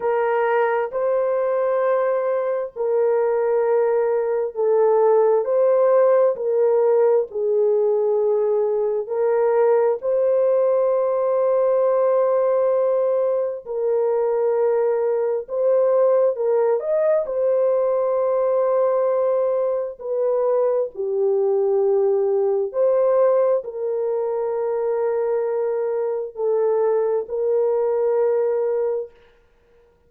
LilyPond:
\new Staff \with { instrumentName = "horn" } { \time 4/4 \tempo 4 = 66 ais'4 c''2 ais'4~ | ais'4 a'4 c''4 ais'4 | gis'2 ais'4 c''4~ | c''2. ais'4~ |
ais'4 c''4 ais'8 dis''8 c''4~ | c''2 b'4 g'4~ | g'4 c''4 ais'2~ | ais'4 a'4 ais'2 | }